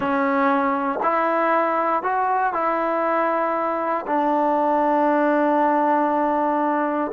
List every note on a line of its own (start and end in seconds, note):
0.00 0.99 C#4
1.02 2.02 E4
2.02 2.53 F#4
2.53 4.05 E4
4.06 7.11 D4